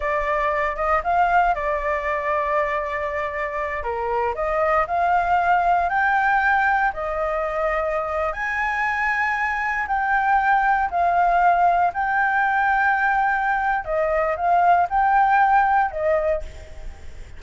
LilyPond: \new Staff \with { instrumentName = "flute" } { \time 4/4 \tempo 4 = 117 d''4. dis''8 f''4 d''4~ | d''2.~ d''8 ais'8~ | ais'8 dis''4 f''2 g''8~ | g''4. dis''2~ dis''8~ |
dis''16 gis''2. g''8.~ | g''4~ g''16 f''2 g''8.~ | g''2. dis''4 | f''4 g''2 dis''4 | }